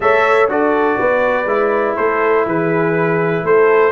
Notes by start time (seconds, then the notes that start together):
0.00 A3 A4 C#5 E5
0.47 D4 F#4 A4 D5
0.98 B3 B4
1.45 G#3 E4
1.96 A3 A4 C5
2.46 E3 G#4 B4
3.43 A3 A4 C5